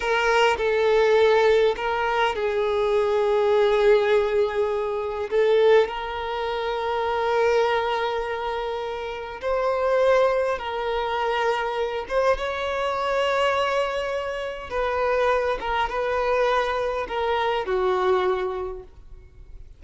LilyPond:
\new Staff \with { instrumentName = "violin" } { \time 4/4 \tempo 4 = 102 ais'4 a'2 ais'4 | gis'1~ | gis'4 a'4 ais'2~ | ais'1 |
c''2 ais'2~ | ais'8 c''8 cis''2.~ | cis''4 b'4. ais'8 b'4~ | b'4 ais'4 fis'2 | }